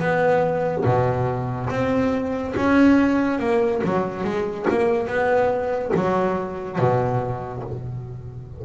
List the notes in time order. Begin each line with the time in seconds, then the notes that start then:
0.00 B3
0.85 B2
1.70 C4
2.56 C#4
3.40 A#3
3.84 F#3
4.24 G#3
4.70 A#3
5.07 B3
5.95 F#3
6.79 B2